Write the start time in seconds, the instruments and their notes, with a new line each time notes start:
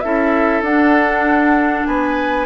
0.00 bassoon C#4, clarinet E4, oboe A4, flute E5
0.61 bassoon D4, clarinet D4, flute F#5
1.86 bassoon B3, oboe B4, flute G#5